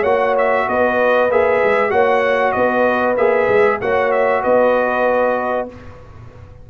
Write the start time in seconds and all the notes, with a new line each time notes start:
0.00 A#3 F#4 C#5 F#5
0.37 E5
0.67 B3 B4 D#5
1.30 A#3 G#4 E5
1.63 G#3
1.90 A#3 F#4 C#5 F#5
2.52 B3 B4 D#5
3.16 A#3 G#4 E5
3.48 G#3
3.81 A#3 F#4 C#5 F#5
4.11 E5
4.41 B3 B4 D#5